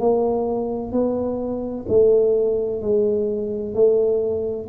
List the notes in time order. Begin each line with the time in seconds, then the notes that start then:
0.00 A#3
0.92 B3
1.89 A3
2.82 G#3
3.75 A3